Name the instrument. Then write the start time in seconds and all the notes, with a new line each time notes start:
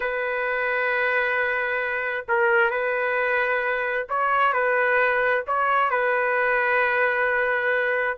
trumpet
0.00 B4
2.28 A#4
2.70 B4
4.09 C#5
4.53 B4
5.47 C#5
5.90 B4